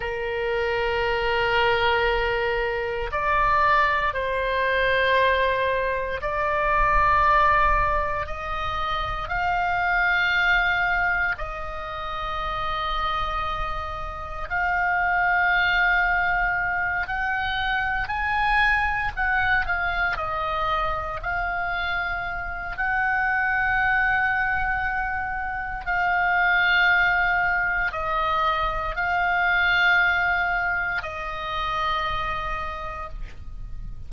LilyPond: \new Staff \with { instrumentName = "oboe" } { \time 4/4 \tempo 4 = 58 ais'2. d''4 | c''2 d''2 | dis''4 f''2 dis''4~ | dis''2 f''2~ |
f''8 fis''4 gis''4 fis''8 f''8 dis''8~ | dis''8 f''4. fis''2~ | fis''4 f''2 dis''4 | f''2 dis''2 | }